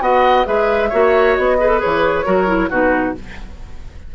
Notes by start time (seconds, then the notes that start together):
0.00 B3 F#4 D#5 F#5
0.44 G#3 G#4 B4 E5
0.89 A#3 F#4 C#5
1.35 B3 D#5
1.59 G#4 B4
1.68 A4
1.79 G#4 C#5
1.85 E3
2.24 F#3 F#4 A#4
2.46 E4
2.69 B2 D#4 F#4 B4